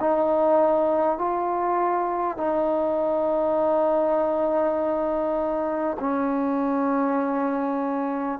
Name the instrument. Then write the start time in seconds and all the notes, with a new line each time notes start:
trombone
0.00 D#4
1.18 F4
2.37 D#4
5.99 C#4